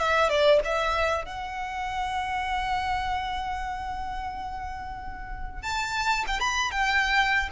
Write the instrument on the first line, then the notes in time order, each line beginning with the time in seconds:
violin
0.00 E5
0.30 D5
0.65 E5
1.26 F#5
5.63 A5
6.28 G5
6.40 B5
6.72 G5